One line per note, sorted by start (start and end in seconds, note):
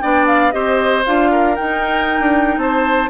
0.00 0.54 B3
0.00 0.52 D4
0.00 0.53 D5
0.00 0.26 G5
0.26 0.52 F5
0.52 1.05 C4
0.52 1.03 G4
0.52 1.31 C5
0.52 1.03 D#5
1.05 1.58 D4
1.05 1.57 F4
1.05 1.56 F5
1.31 2.59 A#4
1.56 3.10 D#4
1.56 2.20 D#4
1.56 2.58 G5
2.20 2.57 D4
2.57 3.08 C4
2.57 3.10 C5
2.57 3.10 A5